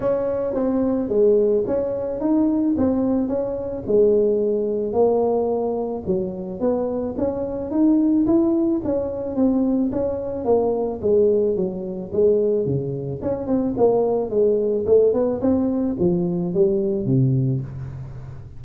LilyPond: \new Staff \with { instrumentName = "tuba" } { \time 4/4 \tempo 4 = 109 cis'4 c'4 gis4 cis'4 | dis'4 c'4 cis'4 gis4~ | gis4 ais2 fis4 | b4 cis'4 dis'4 e'4 |
cis'4 c'4 cis'4 ais4 | gis4 fis4 gis4 cis4 | cis'8 c'8 ais4 gis4 a8 b8 | c'4 f4 g4 c4 | }